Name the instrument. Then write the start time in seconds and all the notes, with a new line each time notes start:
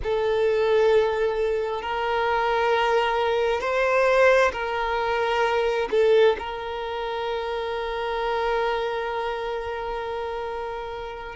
violin
0.02 A4
1.82 A#4
3.60 C5
4.52 A#4
5.90 A4
6.38 A#4